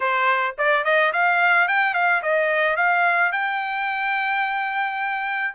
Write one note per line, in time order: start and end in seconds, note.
0.00 0.55 C5
0.58 0.84 D5
0.84 1.12 D#5
1.12 1.68 F5
1.68 1.93 G5
1.93 2.21 F5
2.22 2.76 D#5
2.76 3.32 F5
3.32 5.54 G5